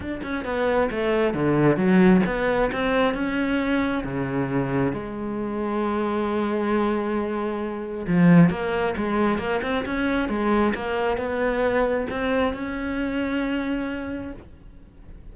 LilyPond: \new Staff \with { instrumentName = "cello" } { \time 4/4 \tempo 4 = 134 d'8 cis'8 b4 a4 d4 | fis4 b4 c'4 cis'4~ | cis'4 cis2 gis4~ | gis1~ |
gis2 f4 ais4 | gis4 ais8 c'8 cis'4 gis4 | ais4 b2 c'4 | cis'1 | }